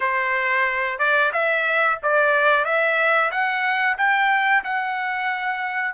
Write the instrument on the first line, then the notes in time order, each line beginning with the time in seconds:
trumpet
0.00 C5
0.98 D5
1.32 E5
2.02 D5
2.64 E5
3.31 F#5
3.97 G5
4.63 F#5